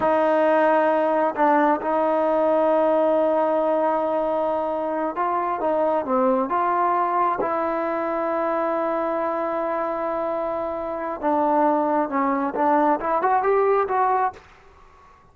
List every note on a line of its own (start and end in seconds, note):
0.00 1.34 D#4
1.35 1.80 D4
1.81 5.15 D#4
5.15 5.60 F4
5.60 6.05 D#4
6.05 6.49 C4
6.49 7.38 F4
7.40 11.20 E4
11.20 12.09 D4
12.09 12.54 C#4
12.55 12.99 D4
13.00 13.22 E4
13.22 13.42 F#4
13.42 13.87 G4
13.88 14.33 F#4